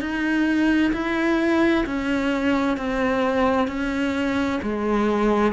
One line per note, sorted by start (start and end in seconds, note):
0.00 0.92 D#4
0.93 1.85 E4
1.86 2.77 C#4
2.77 3.68 C4
3.68 4.60 C#4
4.62 5.53 G#3